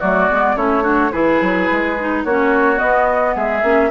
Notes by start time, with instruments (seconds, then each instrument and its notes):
0.00 bassoon F#3, clarinet A3, oboe F#4, flute D5
0.30 bassoon G#3, clarinet B3
0.56 bassoon A3, clarinet C#4, oboe E4, flute C#5
0.84 clarinet D4, oboe F#4
1.12 bassoon E3, clarinet E4, oboe G#4, flute B4
1.41 bassoon F#3
1.72 bassoon G#3
2.00 clarinet D#4
2.25 bassoon A#3, clarinet C#4, oboe F#4, flute C#5
2.78 clarinet B3, bassoon B3, flute D#5
3.36 bassoon G#3, oboe G#4, flute E5
3.63 bassoon A#3, clarinet C#4